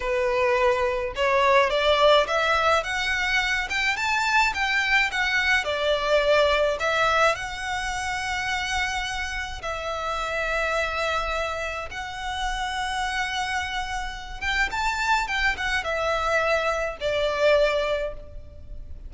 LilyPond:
\new Staff \with { instrumentName = "violin" } { \time 4/4 \tempo 4 = 106 b'2 cis''4 d''4 | e''4 fis''4. g''8 a''4 | g''4 fis''4 d''2 | e''4 fis''2.~ |
fis''4 e''2.~ | e''4 fis''2.~ | fis''4. g''8 a''4 g''8 fis''8 | e''2 d''2 | }